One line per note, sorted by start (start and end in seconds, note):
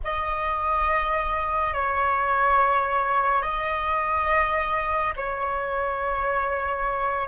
0.04 1.73 D#5
1.73 3.42 C#5
3.42 5.13 D#5
5.16 7.27 C#5